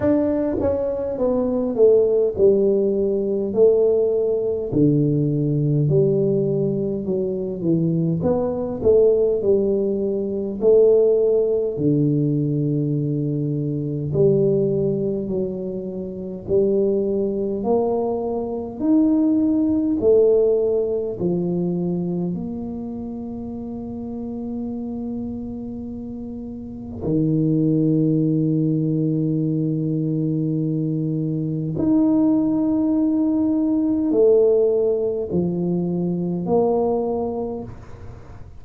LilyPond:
\new Staff \with { instrumentName = "tuba" } { \time 4/4 \tempo 4 = 51 d'8 cis'8 b8 a8 g4 a4 | d4 g4 fis8 e8 b8 a8 | g4 a4 d2 | g4 fis4 g4 ais4 |
dis'4 a4 f4 ais4~ | ais2. dis4~ | dis2. dis'4~ | dis'4 a4 f4 ais4 | }